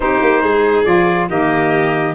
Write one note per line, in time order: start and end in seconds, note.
0.00 0.20 C4
0.00 0.85 D#4
0.00 0.42 G4
0.00 0.85 C5
0.21 0.42 A#3
0.42 0.85 G#3
0.42 1.28 G#4
0.85 1.28 F3
0.85 1.28 F4
0.85 1.28 D5
1.28 2.15 D#3
1.28 2.15 A#3
1.28 2.15 G4
1.28 2.15 D#5